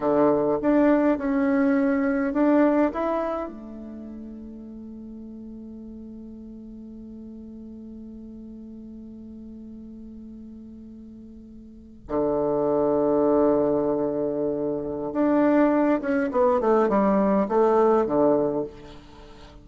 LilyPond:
\new Staff \with { instrumentName = "bassoon" } { \time 4/4 \tempo 4 = 103 d4 d'4 cis'2 | d'4 e'4 a2~ | a1~ | a1~ |
a1~ | a8. d2.~ d16~ | d2 d'4. cis'8 | b8 a8 g4 a4 d4 | }